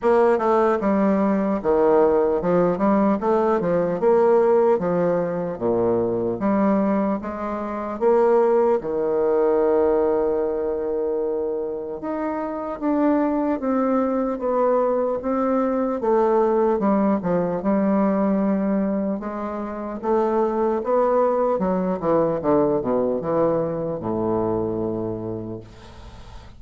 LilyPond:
\new Staff \with { instrumentName = "bassoon" } { \time 4/4 \tempo 4 = 75 ais8 a8 g4 dis4 f8 g8 | a8 f8 ais4 f4 ais,4 | g4 gis4 ais4 dis4~ | dis2. dis'4 |
d'4 c'4 b4 c'4 | a4 g8 f8 g2 | gis4 a4 b4 fis8 e8 | d8 b,8 e4 a,2 | }